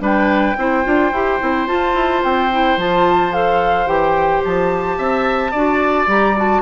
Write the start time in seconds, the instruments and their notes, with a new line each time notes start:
0.00 bassoon G3, clarinet D4, oboe B4, flute G5
0.58 bassoon C4, clarinet E4, oboe C5
0.84 bassoon D4, clarinet F4
1.12 bassoon E4, clarinet G4
1.40 bassoon C4, clarinet E4
1.67 clarinet F4, bassoon F4, flute A5
1.94 bassoon E4
2.24 bassoon C4, flute G5
2.51 clarinet E4
2.77 bassoon F3, clarinet F4, flute A5
3.32 clarinet A4, flute F5
3.86 bassoon E3, clarinet G4, flute G5
4.44 bassoon F3, flute A5
4.98 bassoon C4, oboe E5
5.52 bassoon D4, clarinet F#4, oboe D5
6.07 bassoon G3, clarinet G4, flute A#5
6.36 clarinet F#4, flute A5